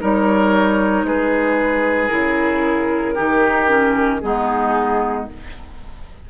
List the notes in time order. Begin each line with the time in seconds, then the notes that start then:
0.00 G3 D#4 A#4 C#5
1.03 G#3 G#4 B4
2.08 C#3 E4 A#4
3.14 D#3 D#4 G4
3.68 C#4
4.20 G#3 B3 D#4 G#4